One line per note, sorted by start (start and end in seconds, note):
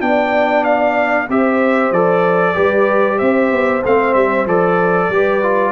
0.00 1.29 B3
0.00 1.28 D4
0.00 1.30 D5
0.00 0.65 G5
0.65 1.28 F5
1.29 1.92 C4
1.29 1.94 G4
1.29 2.55 C5
1.29 1.93 E5
1.92 2.55 F3
1.92 2.55 A4
1.92 3.19 D5
2.55 3.21 G3
2.55 3.82 G4
2.55 3.18 B4
3.18 3.52 C4
3.18 5.10 C5
3.18 3.83 E5
3.52 3.84 B3
3.85 4.15 A3
3.85 4.48 C4
3.85 4.14 F5
4.14 4.46 G3
4.14 4.46 E5
4.46 5.10 F3
4.46 5.12 A4
4.46 5.72 D5
5.10 5.72 G3
5.10 5.43 G4
5.10 5.72 B4
5.43 5.72 F4